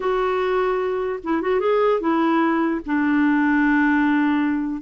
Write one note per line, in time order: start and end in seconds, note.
0.00 1.19 F#4
1.23 1.41 E4
1.41 1.60 F#4
1.60 2.00 G#4
2.00 2.80 E4
2.86 4.81 D4